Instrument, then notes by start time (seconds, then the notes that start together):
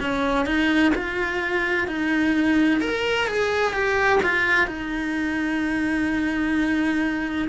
cello
0.00 C#4
0.45 D#4
0.95 F4
1.87 D#4
2.80 A#4
3.27 G#4
3.72 G4
4.23 F4
4.67 D#4